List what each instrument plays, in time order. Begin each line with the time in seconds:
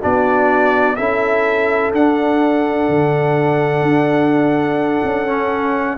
0.00 tuba B3, trombone D4, horn F#4, trumpet D5
0.96 tuba C#4, trombone E4, horn A4, trumpet E5
1.93 trombone D4, tuba D4, trumpet F#5
2.89 tuba D3
3.83 tuba D4
5.04 tuba C#4
5.27 trombone C#4